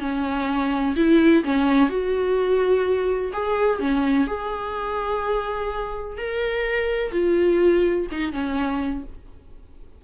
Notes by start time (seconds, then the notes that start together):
0.00 C#4
0.96 E4
1.44 C#4
1.89 F#4
3.33 G#4
3.79 C#4
4.27 G#4
6.18 A#4
7.11 F4
8.11 D#4
8.32 C#4